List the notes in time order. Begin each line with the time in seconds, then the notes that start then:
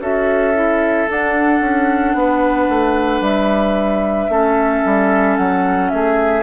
0.00 C#4 F#4 A4 E5
0.54 E4
1.10 D4 F#5
1.61 C#4
2.15 B3 B4
2.70 A3
3.21 G3 E5
4.29 A3 C#4 A4
4.85 G3
5.37 F#3 F#5
5.90 A3 G#4 E5